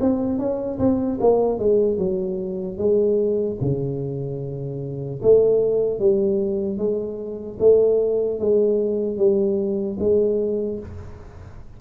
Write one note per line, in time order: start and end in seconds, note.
0.00 0.39 C4
0.39 0.79 C#4
0.79 1.19 C4
1.21 1.59 A#3
1.59 1.98 G#3
1.98 2.78 F#3
2.78 3.58 G#3
3.61 5.21 C#3
5.22 5.99 A3
5.99 6.78 G3
6.78 7.58 G#3
7.59 8.39 A3
8.39 9.17 G#3
9.17 9.97 G3
9.99 10.79 G#3